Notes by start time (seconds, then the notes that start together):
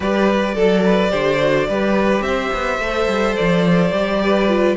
0.00 G3 G4 B4 D5
0.54 F#3 A4
0.85 B4
1.09 D3 G4 C5
1.41 F#4
1.68 G3 G4 B4
2.21 C4 C5 E5
2.53 B3
2.78 A3 A4
3.08 G3
3.36 F3 D5
3.91 G3 G4
4.23 B4
4.47 F4